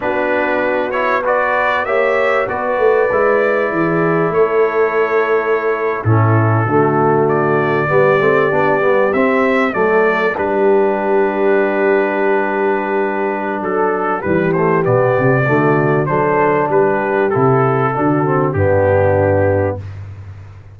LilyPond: <<
  \new Staff \with { instrumentName = "trumpet" } { \time 4/4 \tempo 4 = 97 b'4. cis''8 d''4 e''4 | d''2. cis''4~ | cis''4.~ cis''16 a'2 d''16~ | d''2~ d''8. e''4 d''16~ |
d''8. b'2.~ b'16~ | b'2 a'4 b'8 c''8 | d''2 c''4 b'4 | a'2 g'2 | }
  \new Staff \with { instrumentName = "horn" } { \time 4/4 fis'2 b'4 cis''4 | b'2 gis'4 a'4~ | a'4.~ a'16 e'4 fis'4~ fis'16~ | fis'8. g'2. a'16~ |
a'8. g'2.~ g'16~ | g'2 a'4 g'4~ | g'4 fis'4 a'4 g'4~ | g'4 fis'4 d'2 | }
  \new Staff \with { instrumentName = "trombone" } { \time 4/4 d'4. e'8 fis'4 g'4 | fis'4 e'2.~ | e'4.~ e'16 cis'4 a4~ a16~ | a8. b8 c'8 d'8 b8 c'4 a16~ |
a8. d'2.~ d'16~ | d'2. g8 a8 | b4 a4 d'2 | e'4 d'8 c'8 b2 | }
  \new Staff \with { instrumentName = "tuba" } { \time 4/4 b2. ais4 | b8 a8 gis4 e4 a4~ | a4.~ a16 a,4 d4~ d16~ | d8. g8 a8 b8 g8 c'4 fis16~ |
fis8. g2.~ g16~ | g2 fis4 e4 | b,8 c8 d4 fis4 g4 | c4 d4 g,2 | }
>>